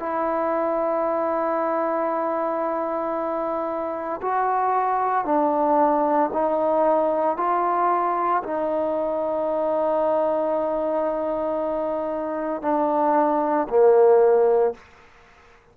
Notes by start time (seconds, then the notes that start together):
0.00 E4
4.22 F#4
5.25 D4
6.33 D#4
7.37 F4
8.44 D#4
12.62 D4
13.69 A#3